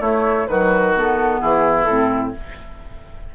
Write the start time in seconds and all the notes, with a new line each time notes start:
0.00 A3 E4 C#5
0.47 D#3 F#3 F#4 B4
0.96 B3 A4
1.40 E3 E4 G#4
1.84 A2 C4 A4